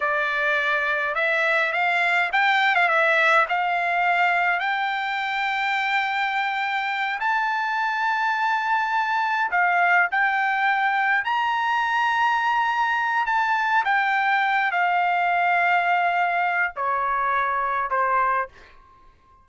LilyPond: \new Staff \with { instrumentName = "trumpet" } { \time 4/4 \tempo 4 = 104 d''2 e''4 f''4 | g''8. f''16 e''4 f''2 | g''1~ | g''8 a''2.~ a''8~ |
a''8 f''4 g''2 ais''8~ | ais''2. a''4 | g''4. f''2~ f''8~ | f''4 cis''2 c''4 | }